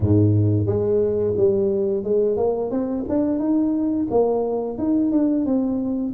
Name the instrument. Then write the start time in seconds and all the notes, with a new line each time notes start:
tuba
0.00 G#2
0.66 G#3
1.36 G3
2.03 G#3
2.36 A#3
2.70 C4
3.09 D4
3.39 D#4
4.10 A#3
4.78 D#4
5.11 D4
5.45 C4